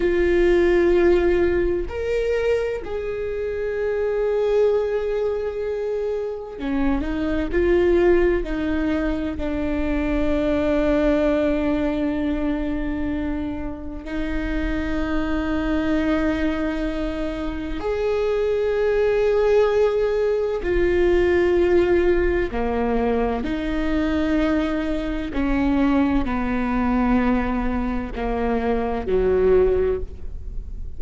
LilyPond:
\new Staff \with { instrumentName = "viola" } { \time 4/4 \tempo 4 = 64 f'2 ais'4 gis'4~ | gis'2. cis'8 dis'8 | f'4 dis'4 d'2~ | d'2. dis'4~ |
dis'2. gis'4~ | gis'2 f'2 | ais4 dis'2 cis'4 | b2 ais4 fis4 | }